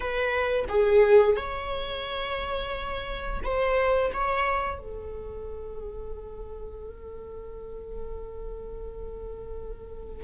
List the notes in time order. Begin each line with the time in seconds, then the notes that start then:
0.00 B4
0.68 G#4
1.36 C#5
3.43 C5
4.13 C#5
4.78 A4